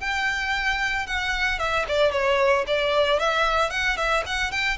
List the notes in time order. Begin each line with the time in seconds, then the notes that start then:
0.00 G5
1.06 F#5
1.59 E5
1.88 D5
2.11 C#5
2.66 D5
3.19 E5
3.70 F#5
3.97 E5
4.26 F#5
4.51 G5